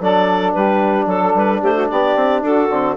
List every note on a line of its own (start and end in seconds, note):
0.00 0.54 F#3
0.00 2.70 D4
0.00 0.53 A4
0.00 0.53 D5
0.53 1.06 G3
0.53 1.07 G4
0.53 1.07 B4
1.06 1.33 F#3
1.06 1.34 A4
1.06 1.60 A4
1.34 1.61 G3
1.34 1.63 B4
1.60 1.89 A3
1.60 1.73 G4
1.60 1.89 C5
1.74 1.88 F#4
1.88 2.16 B3
1.88 2.42 G4
1.88 2.43 D5
2.16 2.41 C4
2.41 2.68 D4
2.41 2.96 F#4
2.41 2.96 A4
2.69 2.96 D3
2.69 2.96 C4